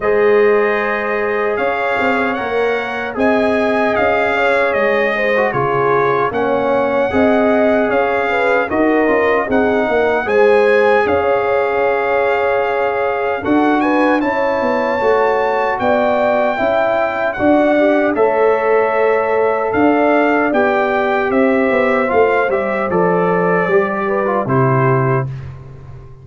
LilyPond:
<<
  \new Staff \with { instrumentName = "trumpet" } { \time 4/4 \tempo 4 = 76 dis''2 f''4 fis''4 | gis''4 f''4 dis''4 cis''4 | fis''2 f''4 dis''4 | fis''4 gis''4 f''2~ |
f''4 fis''8 gis''8 a''2 | g''2 fis''4 e''4~ | e''4 f''4 g''4 e''4 | f''8 e''8 d''2 c''4 | }
  \new Staff \with { instrumentName = "horn" } { \time 4/4 c''2 cis''2 | dis''4. cis''4 c''8 gis'4 | cis''4 dis''4 cis''8 b'8 ais'4 | gis'8 ais'8 c''4 cis''2~ |
cis''4 a'8 b'8 cis''2 | d''4 e''4 d''4 cis''4~ | cis''4 d''2 c''4~ | c''2~ c''8 b'8 g'4 | }
  \new Staff \with { instrumentName = "trombone" } { \time 4/4 gis'2. ais'4 | gis'2~ gis'8. fis'16 f'4 | cis'4 gis'2 fis'8 f'8 | dis'4 gis'2.~ |
gis'4 fis'4 e'4 fis'4~ | fis'4 e'4 fis'8 g'8 a'4~ | a'2 g'2 | f'8 g'8 a'4 g'8. f'16 e'4 | }
  \new Staff \with { instrumentName = "tuba" } { \time 4/4 gis2 cis'8 c'8 ais4 | c'4 cis'4 gis4 cis4 | ais4 c'4 cis'4 dis'8 cis'8 | c'8 ais8 gis4 cis'2~ |
cis'4 d'4 cis'8 b8 a4 | b4 cis'4 d'4 a4~ | a4 d'4 b4 c'8 b8 | a8 g8 f4 g4 c4 | }
>>